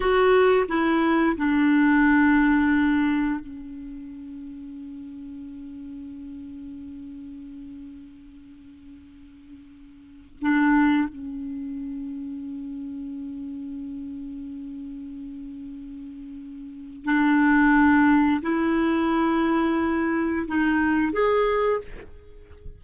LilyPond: \new Staff \with { instrumentName = "clarinet" } { \time 4/4 \tempo 4 = 88 fis'4 e'4 d'2~ | d'4 cis'2.~ | cis'1~ | cis'2.~ cis'16 d'8.~ |
d'16 cis'2.~ cis'8.~ | cis'1~ | cis'4 d'2 e'4~ | e'2 dis'4 gis'4 | }